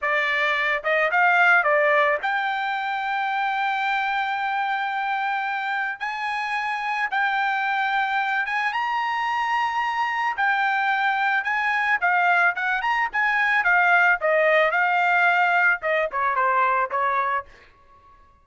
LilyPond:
\new Staff \with { instrumentName = "trumpet" } { \time 4/4 \tempo 4 = 110 d''4. dis''8 f''4 d''4 | g''1~ | g''2. gis''4~ | gis''4 g''2~ g''8 gis''8 |
ais''2. g''4~ | g''4 gis''4 f''4 fis''8 ais''8 | gis''4 f''4 dis''4 f''4~ | f''4 dis''8 cis''8 c''4 cis''4 | }